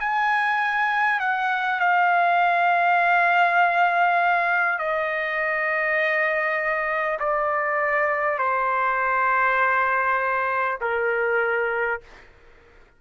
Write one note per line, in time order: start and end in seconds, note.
0.00 1.20 G#5
1.20 1.79 F#5
1.79 4.79 F5
4.79 7.19 D#5
7.19 8.38 D5
8.38 10.78 C5
10.81 12.01 A#4